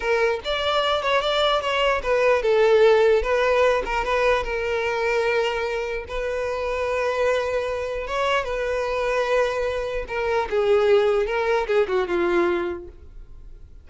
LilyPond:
\new Staff \with { instrumentName = "violin" } { \time 4/4 \tempo 4 = 149 ais'4 d''4. cis''8 d''4 | cis''4 b'4 a'2 | b'4. ais'8 b'4 ais'4~ | ais'2. b'4~ |
b'1 | cis''4 b'2.~ | b'4 ais'4 gis'2 | ais'4 gis'8 fis'8 f'2 | }